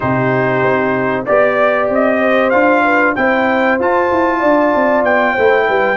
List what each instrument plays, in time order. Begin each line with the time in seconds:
0.00 tuba C3, trombone D#4, horn G4, trumpet C5
0.64 tuba C4
1.25 tuba B3, trombone G4, trumpet D5, horn D5
1.89 tuba C4, trumpet D#5
2.18 horn C5
2.50 tuba D4, trombone F4, trumpet F5
2.84 horn B4
3.15 tuba C4, trombone E4, horn C5, trumpet G5
3.79 tuba F4, trombone F4, trumpet A5
4.11 tuba E4
4.39 tuba D4, horn D5
4.75 tuba C4
5.03 tuba B3, trumpet G5
5.32 tuba A3, trombone E4, horn C5
5.67 tuba G3, horn B4